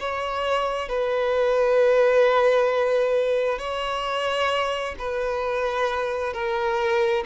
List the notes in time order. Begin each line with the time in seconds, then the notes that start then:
0.00 C#5
0.89 B4
3.59 C#5
4.99 B4
6.33 A#4